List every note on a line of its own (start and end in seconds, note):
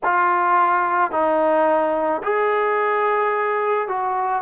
0.03 1.11 F4
1.11 2.22 D#4
2.23 3.87 G#4
3.87 4.42 F#4